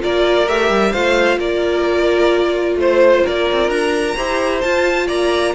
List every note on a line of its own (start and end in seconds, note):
0.00 0.49 A#3
0.00 0.46 F4
0.00 0.92 A#4
0.00 0.48 D5
0.48 0.70 A3
0.48 0.94 G4
0.48 0.92 E5
0.70 0.93 G3
0.92 1.37 A3
0.92 4.17 F4
0.92 1.38 C5
0.92 1.38 F5
1.37 2.75 A#3
1.37 2.78 A#4
1.37 2.78 D5
2.75 3.21 A3
2.75 3.24 C5
2.75 3.26 C5
3.24 3.51 A#3
3.24 4.16 A#4
3.24 3.70 D5
3.52 3.68 C4
3.68 4.15 D4
3.68 4.61 A#5
4.16 4.64 E4
4.16 4.63 G4
4.16 5.07 C5
4.61 5.55 F4
4.61 5.09 F4
4.61 5.07 A5
5.07 5.55 A#3
5.07 5.53 D5
5.07 5.55 A#5